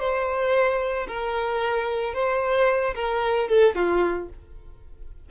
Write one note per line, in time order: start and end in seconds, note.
0.00 1.07 C5
1.08 2.14 A#4
2.14 2.95 C5
2.95 3.48 A#4
3.48 3.75 A4
3.75 4.29 F4